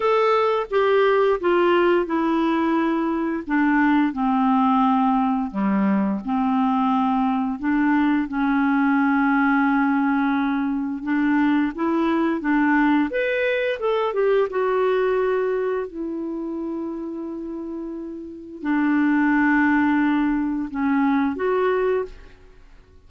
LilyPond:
\new Staff \with { instrumentName = "clarinet" } { \time 4/4 \tempo 4 = 87 a'4 g'4 f'4 e'4~ | e'4 d'4 c'2 | g4 c'2 d'4 | cis'1 |
d'4 e'4 d'4 b'4 | a'8 g'8 fis'2 e'4~ | e'2. d'4~ | d'2 cis'4 fis'4 | }